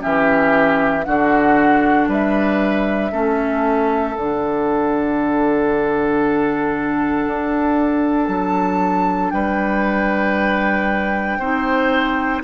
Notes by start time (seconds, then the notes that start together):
0.00 E3 C#4 G4 E5
1.05 D3 D4 F#4 F#5
2.08 G3 B4 E5
3.11 A3 C#4 A4
4.17 D3 D4 F#5
7.27 D4
8.27 F#3 A5
9.30 G3 B4 G5
11.39 C4 D#4 C5